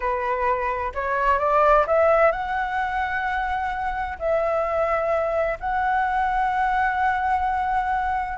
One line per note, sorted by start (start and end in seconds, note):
0.00 0.92 B4
0.94 1.38 C#5
1.38 1.85 D5
1.86 2.31 E5
2.31 4.17 F#5
4.19 5.58 E5
5.59 8.38 F#5